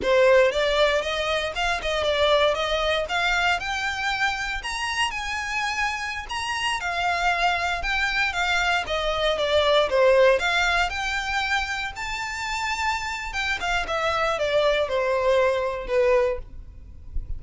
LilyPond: \new Staff \with { instrumentName = "violin" } { \time 4/4 \tempo 4 = 117 c''4 d''4 dis''4 f''8 dis''8 | d''4 dis''4 f''4 g''4~ | g''4 ais''4 gis''2~ | gis''16 ais''4 f''2 g''8.~ |
g''16 f''4 dis''4 d''4 c''8.~ | c''16 f''4 g''2 a''8.~ | a''2 g''8 f''8 e''4 | d''4 c''2 b'4 | }